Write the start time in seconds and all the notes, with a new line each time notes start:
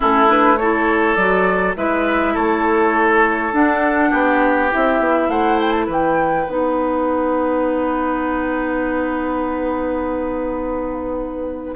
0.00 A3 C#4 E4 A4
0.27 D4 B4
0.57 E4 A4 C#5
1.15 F#3 F#4 D5
1.76 G#3 E4 B4 E5
2.33 A3 A4 C#5
3.52 D4 F#5
4.09 B3 G4
4.70 C4 E4 E5
4.99 B3
5.28 A3 C5 F#5
5.60 G5
5.71 A5
5.86 E3 B4 G5
6.48 B3 D#4 F#5